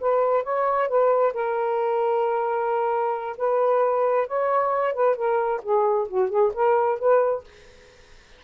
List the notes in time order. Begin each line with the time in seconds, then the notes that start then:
0.00 B4
0.43 C#5
0.88 B4
1.33 A#4
3.37 B4
4.27 C#5
4.93 B4
5.16 A#4
5.62 G#4
6.08 F#4
6.30 G#4
6.54 A#4
6.99 B4